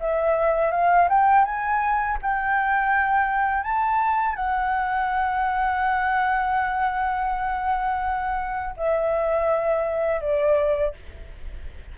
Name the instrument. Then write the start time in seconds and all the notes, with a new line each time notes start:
flute
0.00 E5
0.71 F5
1.09 G5
1.44 G#5
2.22 G5
3.63 A5
4.35 F#5
8.76 E5
10.21 D5